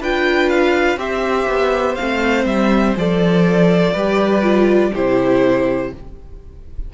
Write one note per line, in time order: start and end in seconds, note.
0.00 0.96 D4
0.00 0.97 F4
0.00 0.99 B4
0.00 0.49 G5
0.49 0.99 F5
0.96 1.45 C4
0.96 1.96 G4
0.96 3.92 C5
0.96 1.95 E5
1.48 1.97 B3
1.95 2.45 A3
1.95 2.96 C4
1.95 2.44 F5
2.45 2.94 G3
2.45 2.95 E5
2.96 3.94 F3
2.96 3.94 A4
2.96 4.95 D5
3.92 4.92 G3
3.92 4.42 G4
3.92 4.91 B4
4.42 4.91 F4
4.93 5.93 C3
4.93 5.94 E4
4.93 5.91 G4
4.93 5.93 C5